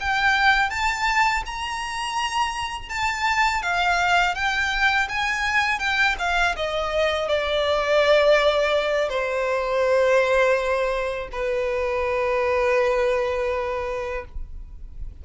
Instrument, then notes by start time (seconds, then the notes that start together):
violin
0.00 G5
0.70 A5
1.46 A#5
2.89 A5
3.62 F5
4.35 G5
5.09 G#5
5.79 G5
6.19 F5
6.56 D#5
7.28 D5
9.09 C5
11.32 B4